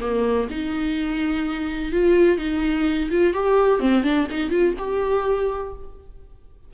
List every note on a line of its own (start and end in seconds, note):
0.00 0.48 A#3
0.50 1.92 D#4
1.92 2.37 F4
2.37 3.09 D#4
3.10 3.33 F4
3.33 3.79 G4
3.79 4.03 C4
4.03 4.27 D4
4.30 4.50 D#4
4.50 4.74 F4
4.78 5.73 G4